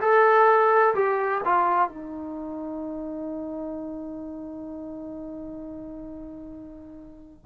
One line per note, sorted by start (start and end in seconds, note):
0.00 0.94 A4
0.94 1.41 G4
1.44 1.88 F4
1.88 7.46 D#4